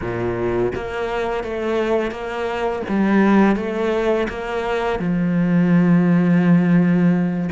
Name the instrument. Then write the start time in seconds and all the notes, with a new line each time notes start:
cello
0.01 A#2
0.75 A#3
1.43 A3
2.11 A#3
2.89 G3
3.56 A3
4.29 A#3
4.99 F3